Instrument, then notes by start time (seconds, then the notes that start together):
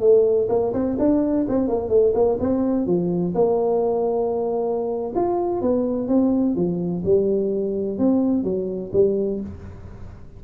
tuba
0.00 A3
0.48 A#3
0.73 C4
0.98 D4
1.48 C4
1.68 A#3
1.89 A3
2.14 A#3
2.39 C4
2.86 F3
3.34 A#3
5.15 F4
5.61 B3
6.08 C4
6.55 F3
7.04 G3
7.98 C4
8.43 F#3
8.92 G3